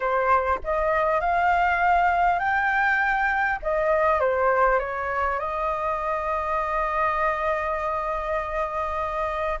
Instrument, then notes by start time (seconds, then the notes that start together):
flute
0.00 C5
0.64 D#5
1.20 F5
2.39 G5
3.62 D#5
4.20 C5
4.79 C#5
5.39 D#5